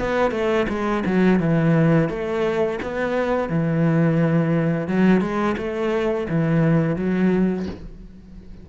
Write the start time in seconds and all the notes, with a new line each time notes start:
0.00 B3
0.32 A3
0.69 G#3
1.06 F#3
1.40 E3
2.10 A3
2.83 B3
3.50 E3
4.88 F#3
5.21 G#3
5.58 A3
6.30 E3
6.97 F#3